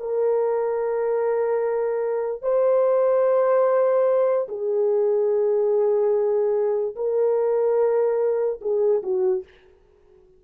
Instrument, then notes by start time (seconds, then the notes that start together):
horn
0.00 A#4
2.42 C5
4.49 G#4
6.96 A#4
8.62 G#4
9.03 F#4